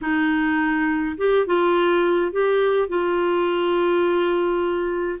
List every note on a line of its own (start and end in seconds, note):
0.01 1.16 D#4
1.17 1.46 G4
1.46 2.32 F4
2.32 2.88 G4
2.88 5.19 F4